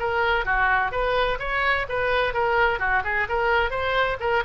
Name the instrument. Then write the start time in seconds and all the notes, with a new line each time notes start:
oboe
0.00 A#4
0.46 F#4
0.92 B4
1.40 C#5
1.89 B4
2.34 A#4
2.80 F#4
3.04 G#4
3.29 A#4
3.71 C5
4.20 A#4